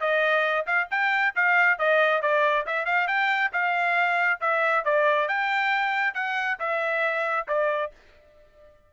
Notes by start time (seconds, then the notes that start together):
0.00 D#5
0.66 F5
0.90 G5
1.35 F5
1.78 D#5
2.22 D5
2.66 E5
2.85 F5
3.07 G5
3.52 F5
4.40 E5
4.84 D5
5.28 G5
6.14 F#5
6.59 E5
7.47 D5